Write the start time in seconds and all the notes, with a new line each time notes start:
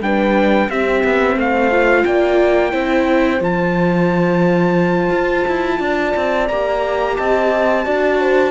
0.00 G3 D4 B4 G5
0.68 C4 G4 E5
1.04 B3
1.36 A3 C5 F5
1.71 F4
2.04 A#3 D5 G5
2.71 C4 E4 C5
3.40 F3 F4 A5
5.12 F4
5.47 E4
5.79 D4 D5
6.16 C4
6.48 A#3 G4 A#5
7.16 C4 D#5 A5
7.85 D4 F#4 D5
8.19 C5